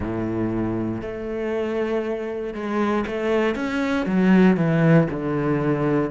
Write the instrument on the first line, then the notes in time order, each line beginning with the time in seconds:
cello
0.00 A2
1.01 A3
2.54 G#3
3.06 A3
3.55 C#4
4.06 F#3
4.56 E3
5.09 D3